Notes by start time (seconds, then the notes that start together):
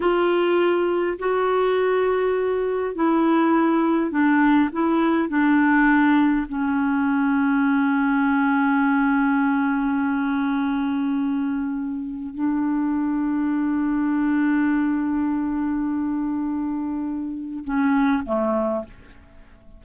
0.00 F4
1.18 F#4
2.95 E4
4.10 D4
4.72 E4
5.28 D4
6.48 C#4
12.34 D4
17.64 C#4
18.25 A3